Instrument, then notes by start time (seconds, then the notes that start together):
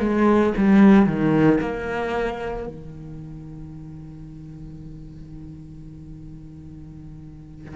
cello
0.00 G#3
0.57 G3
1.07 D#3
1.61 A#3
2.68 D#3